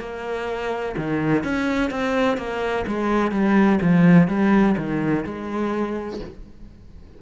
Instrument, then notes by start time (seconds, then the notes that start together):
cello
0.00 A#3
0.97 D#3
1.44 C#4
1.90 C4
2.37 A#3
2.87 G#3
3.32 G3
3.81 F3
4.28 G3
4.77 D#3
5.25 G#3